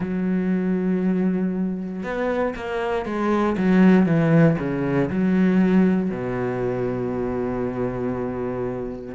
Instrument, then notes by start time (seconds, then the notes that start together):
cello
0.00 F#3
2.03 B3
2.55 A#3
3.05 G#3
3.57 F#3
4.05 E3
4.58 C#3
5.09 F#3
6.10 B2